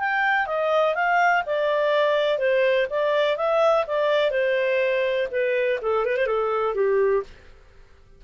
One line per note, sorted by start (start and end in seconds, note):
0.00 0.47 G5
0.47 0.95 D#5
0.95 1.43 F5
1.46 2.39 D5
2.39 2.87 C5
2.90 3.37 D5
3.37 3.86 E5
3.87 4.31 D5
4.31 5.28 C5
5.31 5.80 B4
5.82 6.05 A4
6.05 6.17 B4
6.17 6.27 C5
6.27 6.75 A4
6.75 7.24 G4